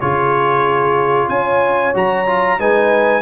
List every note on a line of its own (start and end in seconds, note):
0.00 1.29 C#3
0.00 1.94 F4
0.00 1.29 G#4
0.00 1.29 C#5
1.29 1.94 C#4
1.29 2.59 C#5
1.29 1.93 G#5
1.94 2.59 F#3
1.94 2.26 F#4
1.94 2.60 A#5
2.27 2.59 F4
2.59 3.22 G#3
2.59 3.22 D#4
2.59 3.22 B4
2.59 3.22 G#5